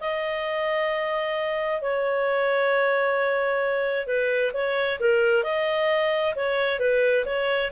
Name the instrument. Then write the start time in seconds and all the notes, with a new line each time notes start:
clarinet
0.00 D#5
1.81 C#5
4.06 B4
4.53 C#5
4.99 A#4
5.43 D#5
6.35 C#5
6.79 B4
7.25 C#5